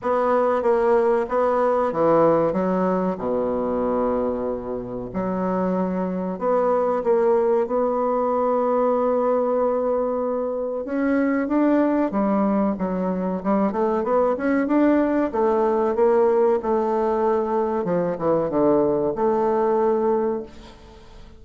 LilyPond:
\new Staff \with { instrumentName = "bassoon" } { \time 4/4 \tempo 4 = 94 b4 ais4 b4 e4 | fis4 b,2. | fis2 b4 ais4 | b1~ |
b4 cis'4 d'4 g4 | fis4 g8 a8 b8 cis'8 d'4 | a4 ais4 a2 | f8 e8 d4 a2 | }